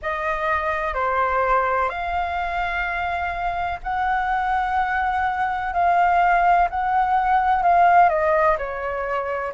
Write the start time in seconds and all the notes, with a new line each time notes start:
0.02 D#5
0.94 C5
1.89 F5
3.83 F#5
5.73 F5
6.69 F#5
7.62 F5
8.09 D#5
8.58 C#5